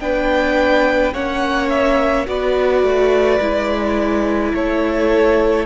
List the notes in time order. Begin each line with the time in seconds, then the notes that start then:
0.00 B3 D4 B4 G5
1.13 A#3 C#4 C#5 F#5
1.69 E5
2.26 B3 F#4 B4 D5
2.83 A3
3.40 G#3 E4
4.54 A3 A4 C#5